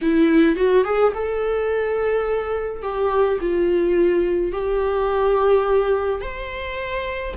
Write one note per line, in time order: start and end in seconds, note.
0.01 0.56 E4
0.56 0.84 F#4
0.84 1.12 G#4
1.14 2.82 A4
2.82 3.38 G4
3.41 4.51 F4
4.51 6.21 G4
6.21 7.34 C5